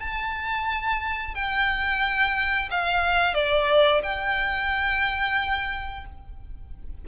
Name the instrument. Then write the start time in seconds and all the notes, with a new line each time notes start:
violin
0.00 A5
1.35 G5
2.71 F5
3.34 D5
4.03 G5